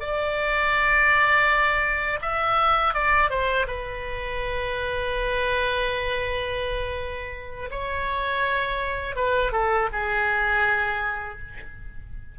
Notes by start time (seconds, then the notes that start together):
0.00 D5
2.22 E5
2.94 D5
3.30 C5
3.67 B4
7.71 C#5
9.16 B4
9.52 A4
9.92 G#4